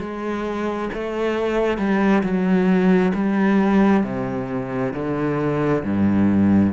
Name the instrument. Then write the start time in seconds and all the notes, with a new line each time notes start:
cello
0.00 G#3
0.94 A3
1.78 G3
2.23 F#3
3.15 G3
4.04 C3
4.94 D3
5.84 G2